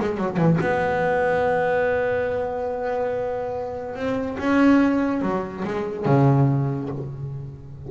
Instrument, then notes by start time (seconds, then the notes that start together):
double bass
0.00 G#3
0.18 F#3
0.37 E3
0.60 B3
3.96 C4
4.39 C#4
5.22 F#3
5.65 G#3
6.05 C#3